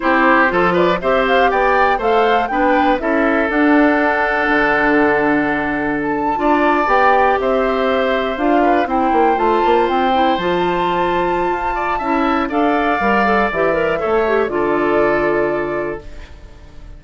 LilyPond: <<
  \new Staff \with { instrumentName = "flute" } { \time 4/4 \tempo 4 = 120 c''4. d''8 e''8 f''8 g''4 | f''4 g''4 e''4 fis''4~ | fis''1 | a''4.~ a''16 g''4 e''4~ e''16~ |
e''8. f''4 g''4 a''4 g''16~ | g''8. a''2.~ a''16~ | a''4 f''2 e''4~ | e''4 d''2. | }
  \new Staff \with { instrumentName = "oboe" } { \time 4/4 g'4 a'8 b'8 c''4 d''4 | c''4 b'4 a'2~ | a'1~ | a'8. d''2 c''4~ c''16~ |
c''4~ c''16 b'8 c''2~ c''16~ | c''2.~ c''8 d''8 | e''4 d''2. | cis''4 a'2. | }
  \new Staff \with { instrumentName = "clarinet" } { \time 4/4 e'4 f'4 g'2 | a'4 d'4 e'4 d'4~ | d'1~ | d'8. f'4 g'2~ g'16~ |
g'8. f'4 e'4 f'4~ f'16~ | f'16 e'8 f'2.~ f'16 | e'4 a'4 ais'8 a'8 g'8 ais'8 | a'8 g'8 f'2. | }
  \new Staff \with { instrumentName = "bassoon" } { \time 4/4 c'4 f4 c'4 b4 | a4 b4 cis'4 d'4~ | d'4 d2.~ | d8. d'4 b4 c'4~ c'16~ |
c'8. d'4 c'8 ais8 a8 ais8 c'16~ | c'8. f2~ f16 f'4 | cis'4 d'4 g4 e4 | a4 d2. | }
>>